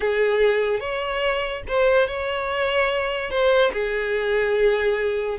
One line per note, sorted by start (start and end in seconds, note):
0.00 0.80 G#4
0.80 1.62 C#5
1.67 2.07 C5
2.07 3.30 C#5
3.30 3.71 C5
3.72 5.38 G#4